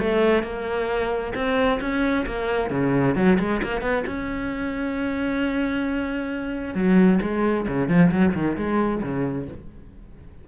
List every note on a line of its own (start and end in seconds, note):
0.00 0.43 A3
0.43 1.34 A#3
1.35 1.80 C4
1.81 2.26 C#4
2.27 2.71 A#3
2.71 3.16 C#3
3.16 3.38 F#3
3.39 3.62 G#3
3.63 3.82 A#3
3.82 4.04 B3
4.07 6.75 C#4
6.75 7.20 F#3
7.22 7.67 G#3
7.68 7.89 C#3
7.89 8.11 F3
8.12 8.34 F#3
8.35 8.57 D#3
8.58 9.03 G#3
9.03 9.48 C#3